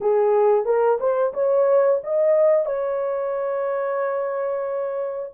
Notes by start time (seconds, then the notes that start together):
0.00 G#4
0.65 A#4
0.99 C5
1.33 C#5
2.03 D#5
2.65 C#5